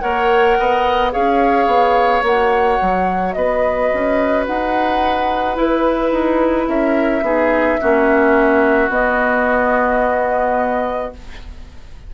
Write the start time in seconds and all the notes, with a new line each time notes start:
0.00 A#3 A#4 C#5 F#5
0.59 B3 D#5
1.12 C#4 G#4 C#5 F5
1.67 B3
2.23 A#3 F#4 F#5
2.81 F#3
3.33 B3 B4 D#5
3.94 C#4
4.47 D#4 F#5
5.56 E4 B4
6.12 D#4
6.68 C#4 A#4 E5
7.22 B3 D#4 G#4
7.81 A#3 C#4 F#4
8.89 B3 D#5